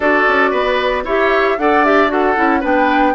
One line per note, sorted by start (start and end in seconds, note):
0.00 0.25 D4
0.00 1.06 F#4
0.00 0.50 A4
0.00 1.05 D5
0.28 0.52 C#4
0.50 1.04 B3
0.50 1.03 B4
1.04 1.56 E4
1.04 1.58 G4
1.04 1.57 C#5
1.04 1.58 E5
1.57 2.36 D4
1.57 1.85 A4
1.57 2.12 D5
1.57 1.84 F#5
1.84 2.08 G4
1.84 2.10 E5
2.08 2.34 F#4
2.08 2.60 A4
2.08 2.63 F#5
2.35 2.63 C#4
2.35 2.61 E4
2.60 3.14 B3
2.60 3.14 D4
2.60 3.12 B4
2.60 3.14 G5